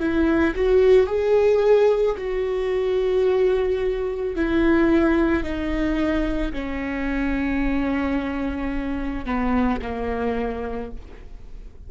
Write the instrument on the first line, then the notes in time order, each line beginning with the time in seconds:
viola
0.00 E4
0.55 F#4
1.07 G#4
2.18 F#4
4.36 E4
5.43 D#4
6.53 C#4
9.26 B3
9.82 A#3